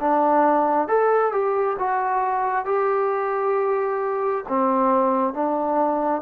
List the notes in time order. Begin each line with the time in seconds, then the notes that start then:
0.00 D4
0.88 A4
1.32 G4
1.79 F#4
2.65 G4
4.48 C4
5.33 D4